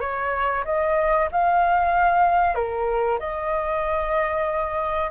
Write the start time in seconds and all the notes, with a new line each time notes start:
0.00 C#5
0.65 D#5
1.31 F5
2.54 A#4
3.19 D#5